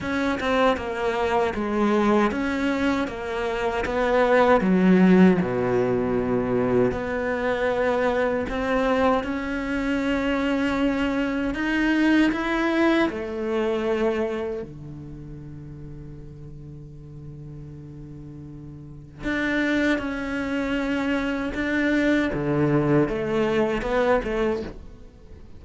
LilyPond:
\new Staff \with { instrumentName = "cello" } { \time 4/4 \tempo 4 = 78 cis'8 c'8 ais4 gis4 cis'4 | ais4 b4 fis4 b,4~ | b,4 b2 c'4 | cis'2. dis'4 |
e'4 a2 d4~ | d1~ | d4 d'4 cis'2 | d'4 d4 a4 b8 a8 | }